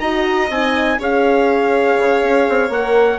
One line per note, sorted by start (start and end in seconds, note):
0.00 0.50 D#4
0.00 0.51 F#4
0.00 0.99 D#5
0.00 0.49 A#5
0.50 0.99 C4
0.50 0.99 D#4
0.50 1.00 G#5
0.99 1.98 C#4
0.99 2.71 G#4
0.99 3.19 C#5
0.99 2.73 F5
1.98 2.23 C#3
2.23 2.48 C#4
2.49 2.70 C4
2.70 3.19 A#3
2.70 3.19 A#4
2.70 3.19 F#5